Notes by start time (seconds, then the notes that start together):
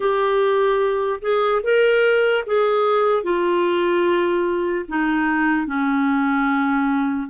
0.00 G4
1.21 G#4
1.63 A#4
2.46 G#4
3.23 F4
4.88 D#4
5.66 C#4